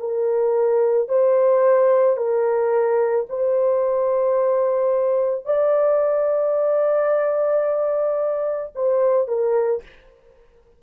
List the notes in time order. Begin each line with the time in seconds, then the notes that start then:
0.00 A#4
1.09 C5
2.17 A#4
3.30 C5
5.46 D5
8.76 C5
9.28 A#4